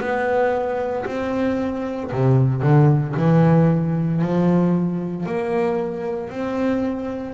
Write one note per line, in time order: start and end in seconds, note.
0.00 1.05 B3
1.05 2.11 C4
2.12 2.62 C3
2.62 3.15 D3
3.17 4.22 E3
4.22 5.26 F3
5.26 6.30 A#3
6.30 7.34 C4